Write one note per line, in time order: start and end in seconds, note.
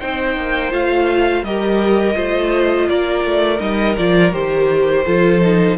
0.00 0.37 C4
0.00 0.71 D#4
0.00 1.45 C5
0.00 0.72 G5
0.37 0.73 A#3
0.71 1.43 A3
0.71 1.44 F4
0.71 1.45 F5
1.43 2.16 G3
1.43 2.14 G4
1.43 2.16 A#4
1.43 2.89 D#5
2.14 2.90 A3
2.14 3.59 F4
2.14 2.89 C5
2.89 3.25 A#3
2.89 5.05 A#4
2.89 3.60 D5
3.25 3.61 A3
3.59 3.97 G3
3.59 3.96 D#4
3.59 3.97 D#5
3.98 4.34 F3
3.98 4.33 F4
3.98 4.33 D5
4.33 5.07 D#3
4.33 5.05 G4
4.33 5.78 C5
5.05 5.78 F3
5.05 5.42 F4
5.05 5.78 A4
5.42 5.78 D#4